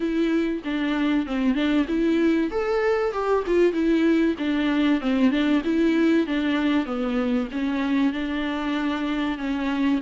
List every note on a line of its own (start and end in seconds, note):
0.00 0.62 E4
0.64 1.26 D4
1.26 1.55 C4
1.55 1.86 D4
1.88 2.50 E4
2.50 3.12 A4
3.12 3.43 G4
3.46 3.72 F4
3.72 4.35 E4
4.38 5.00 D4
5.00 5.30 C4
5.30 5.62 D4
5.64 6.26 E4
6.26 6.85 D4
6.85 7.48 B3
7.51 8.12 C#4
8.12 9.38 D4
9.38 10.00 C#4